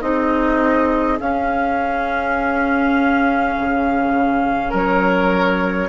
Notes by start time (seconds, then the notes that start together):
0.00 C4 D#4 G#4 D#5
1.20 C#4 F5
3.57 C#3
4.69 F#3 A#4 C#5